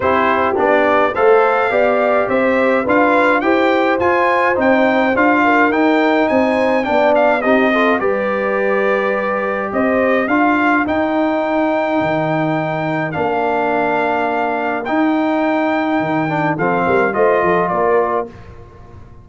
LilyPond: <<
  \new Staff \with { instrumentName = "trumpet" } { \time 4/4 \tempo 4 = 105 c''4 d''4 f''2 | e''4 f''4 g''4 gis''4 | g''4 f''4 g''4 gis''4 | g''8 f''8 dis''4 d''2~ |
d''4 dis''4 f''4 g''4~ | g''2. f''4~ | f''2 g''2~ | g''4 f''4 dis''4 d''4 | }
  \new Staff \with { instrumentName = "horn" } { \time 4/4 g'2 c''4 d''4 | c''4 b'4 c''2~ | c''4. ais'4. c''4 | d''4 g'8 a'8 b'2~ |
b'4 c''4 ais'2~ | ais'1~ | ais'1~ | ais'4 a'8 ais'8 c''8 a'8 ais'4 | }
  \new Staff \with { instrumentName = "trombone" } { \time 4/4 e'4 d'4 a'4 g'4~ | g'4 f'4 g'4 f'4 | dis'4 f'4 dis'2 | d'4 dis'8 f'8 g'2~ |
g'2 f'4 dis'4~ | dis'2. d'4~ | d'2 dis'2~ | dis'8 d'8 c'4 f'2 | }
  \new Staff \with { instrumentName = "tuba" } { \time 4/4 c'4 b4 a4 b4 | c'4 d'4 e'4 f'4 | c'4 d'4 dis'4 c'4 | b4 c'4 g2~ |
g4 c'4 d'4 dis'4~ | dis'4 dis2 ais4~ | ais2 dis'2 | dis4 f8 g8 a8 f8 ais4 | }
>>